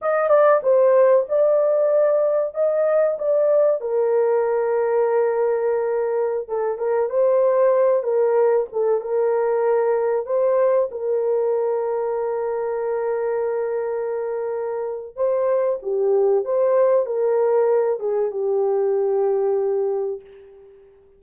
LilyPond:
\new Staff \with { instrumentName = "horn" } { \time 4/4 \tempo 4 = 95 dis''8 d''8 c''4 d''2 | dis''4 d''4 ais'2~ | ais'2~ ais'16 a'8 ais'8 c''8.~ | c''8. ais'4 a'8 ais'4.~ ais'16~ |
ais'16 c''4 ais'2~ ais'8.~ | ais'1 | c''4 g'4 c''4 ais'4~ | ais'8 gis'8 g'2. | }